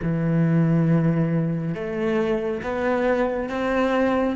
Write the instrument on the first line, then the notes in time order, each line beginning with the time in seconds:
cello
0.02 E3
1.74 A3
2.62 B3
3.49 C4